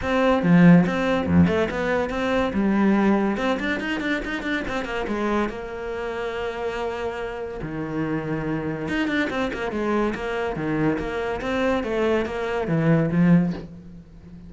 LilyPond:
\new Staff \with { instrumentName = "cello" } { \time 4/4 \tempo 4 = 142 c'4 f4 c'4 f,8 a8 | b4 c'4 g2 | c'8 d'8 dis'8 d'8 dis'8 d'8 c'8 ais8 | gis4 ais2.~ |
ais2 dis2~ | dis4 dis'8 d'8 c'8 ais8 gis4 | ais4 dis4 ais4 c'4 | a4 ais4 e4 f4 | }